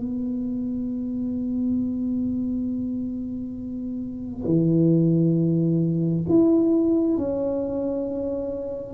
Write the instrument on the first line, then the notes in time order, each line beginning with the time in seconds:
tuba
0.00 B3
4.45 E3
6.29 E4
7.17 C#4